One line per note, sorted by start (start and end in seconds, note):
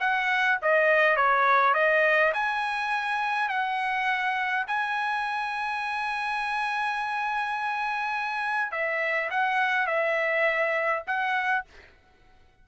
0.00 0.58 F#5
0.62 1.16 D#5
1.16 1.74 C#5
1.74 2.32 D#5
2.34 3.49 G#5
3.49 4.65 F#5
4.67 8.72 G#5
8.72 9.30 E5
9.30 9.87 F#5
9.87 11.03 E5
11.07 11.65 F#5